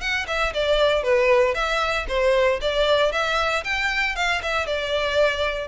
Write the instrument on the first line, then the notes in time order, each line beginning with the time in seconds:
violin
0.00 F#5
0.27 E5
0.53 D5
1.03 B4
1.54 E5
2.08 C5
2.61 D5
3.12 E5
3.64 G5
4.15 F5
4.42 E5
4.66 D5